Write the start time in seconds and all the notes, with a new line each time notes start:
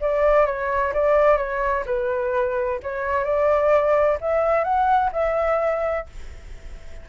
0.00 D5
0.46 C#5
0.93 D5
1.37 C#5
1.86 B4
2.83 C#5
3.24 D5
4.21 E5
4.64 F#5
5.12 E5